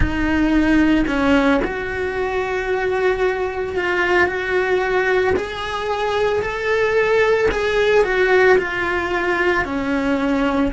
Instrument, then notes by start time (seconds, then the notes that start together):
cello
0.00 D#4
1.07 C#4
1.64 F#4
3.76 F4
4.26 F#4
5.36 G#4
6.42 A4
7.50 G#4
8.04 F#4
8.58 F4
9.64 C#4